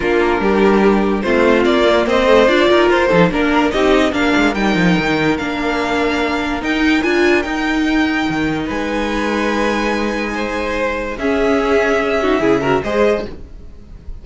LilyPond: <<
  \new Staff \with { instrumentName = "violin" } { \time 4/4 \tempo 4 = 145 ais'2. c''4 | d''4 dis''4 d''4 c''4 | ais'4 dis''4 f''4 g''4~ | g''4 f''2. |
g''4 gis''4 g''2~ | g''4 gis''2.~ | gis''2. e''4~ | e''2. dis''4 | }
  \new Staff \with { instrumentName = "violin" } { \time 4/4 f'4 g'2 f'4~ | f'4 c''4. ais'4 a'8 | ais'4 g'4 ais'2~ | ais'1~ |
ais'1~ | ais'4 b'2.~ | b'4 c''2 gis'4~ | gis'4. fis'8 gis'8 ais'8 c''4 | }
  \new Staff \with { instrumentName = "viola" } { \time 4/4 d'2. c'4~ | c'8 ais4 a8 f'4. dis'8 | d'4 dis'4 d'4 dis'4~ | dis'4 d'2. |
dis'4 f'4 dis'2~ | dis'1~ | dis'2. cis'4~ | cis'4. dis'8 e'8 fis'8 gis'4 | }
  \new Staff \with { instrumentName = "cello" } { \time 4/4 ais4 g2 a4 | ais4 c'4 d'8 dis'8 f'8 f8 | ais4 c'4 ais8 gis8 g8 f8 | dis4 ais2. |
dis'4 d'4 dis'2 | dis4 gis2.~ | gis2. cis'4~ | cis'2 cis4 gis4 | }
>>